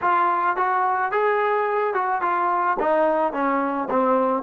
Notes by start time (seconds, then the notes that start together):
0.01 F4
0.56 F#4
1.11 G#4
1.94 F#4
2.21 F4
2.79 D#4
3.32 C#4
3.90 C4